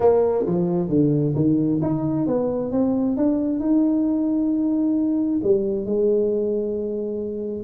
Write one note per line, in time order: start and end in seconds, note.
0.00 0.45 A#3
0.46 0.89 F3
0.89 1.34 D3
1.35 1.80 D#3
1.82 2.26 D#4
2.26 2.71 B3
2.71 3.16 C4
3.17 3.59 D4
3.59 5.40 D#4
5.43 5.85 G3
5.85 7.63 G#3